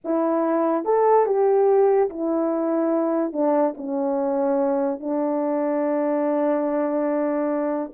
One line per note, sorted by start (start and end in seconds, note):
0.04 0.84 E4
0.84 1.26 A4
1.26 2.09 G4
2.09 3.32 E4
3.32 3.74 D4
3.77 5.00 C#4
5.00 7.91 D4